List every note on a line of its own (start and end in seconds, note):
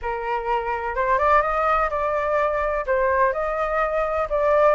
0.02 0.95 A#4
0.95 1.18 C5
1.18 1.42 D5
1.42 1.89 D#5
1.90 2.85 D5
2.86 3.32 C5
3.32 4.27 D#5
4.29 4.75 D5